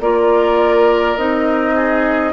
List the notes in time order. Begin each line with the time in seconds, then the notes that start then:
0.00 A#3 F4 A#4 D5
1.17 C4 D#4 D#5
1.75 G#4